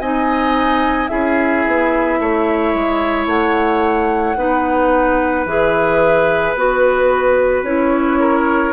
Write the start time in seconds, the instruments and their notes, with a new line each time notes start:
0.00 bassoon C4, clarinet D#4, oboe D#5, flute G#5
1.08 bassoon C#4, clarinet E4, oboe G#4, flute E5
1.67 bassoon B3
2.20 bassoon A3, oboe C#5
2.74 bassoon G#3
3.27 bassoon A3, flute F#5
4.37 bassoon B3, clarinet D#4, oboe B4
5.46 bassoon E3, clarinet G#4, flute E5
6.55 bassoon B3, clarinet F#4, flute B4
7.63 bassoon C#4, clarinet E4, flute C#5
8.20 oboe A#4